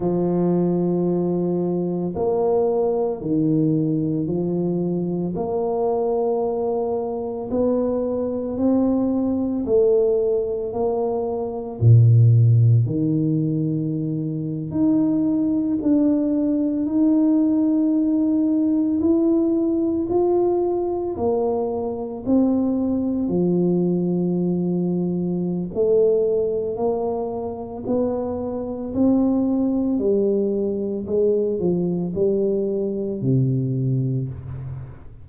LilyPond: \new Staff \with { instrumentName = "tuba" } { \time 4/4 \tempo 4 = 56 f2 ais4 dis4 | f4 ais2 b4 | c'4 a4 ais4 ais,4 | dis4.~ dis16 dis'4 d'4 dis'16~ |
dis'4.~ dis'16 e'4 f'4 ais16~ | ais8. c'4 f2~ f16 | a4 ais4 b4 c'4 | g4 gis8 f8 g4 c4 | }